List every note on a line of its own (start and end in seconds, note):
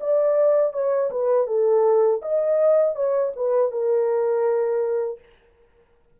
0.00 0.73 D5
0.73 1.10 C#5
1.10 1.47 B4
1.47 2.21 A4
2.22 2.95 D#5
2.95 3.32 C#5
3.35 3.71 B4
3.71 5.19 A#4